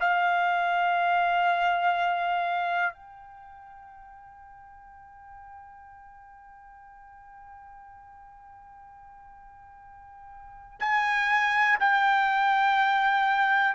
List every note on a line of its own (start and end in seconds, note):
0.00 2.93 F5
2.93 10.79 G5
10.79 11.78 G#5
11.79 13.74 G5